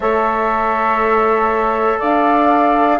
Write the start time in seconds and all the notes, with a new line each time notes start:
0.00 A3 A4 C#5 E5
1.99 D4 D5 F5